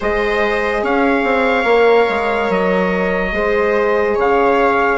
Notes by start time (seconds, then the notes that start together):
0.00 G#3 G#4 C5 D#5
0.82 C#4 C#5 F5
1.23 C4
1.64 A#3 A#4
2.08 G#3
2.49 F#3 D#5
3.32 G#3 G#4 C5
4.15 C#3 C#5 F5